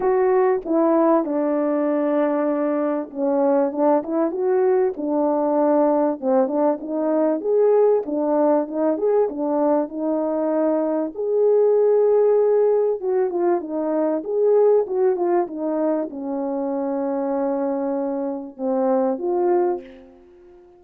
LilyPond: \new Staff \with { instrumentName = "horn" } { \time 4/4 \tempo 4 = 97 fis'4 e'4 d'2~ | d'4 cis'4 d'8 e'8 fis'4 | d'2 c'8 d'8 dis'4 | gis'4 d'4 dis'8 gis'8 d'4 |
dis'2 gis'2~ | gis'4 fis'8 f'8 dis'4 gis'4 | fis'8 f'8 dis'4 cis'2~ | cis'2 c'4 f'4 | }